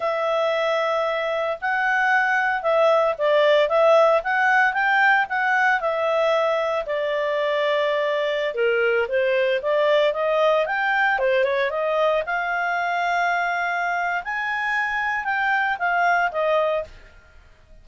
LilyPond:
\new Staff \with { instrumentName = "clarinet" } { \time 4/4 \tempo 4 = 114 e''2. fis''4~ | fis''4 e''4 d''4 e''4 | fis''4 g''4 fis''4 e''4~ | e''4 d''2.~ |
d''16 ais'4 c''4 d''4 dis''8.~ | dis''16 g''4 c''8 cis''8 dis''4 f''8.~ | f''2. gis''4~ | gis''4 g''4 f''4 dis''4 | }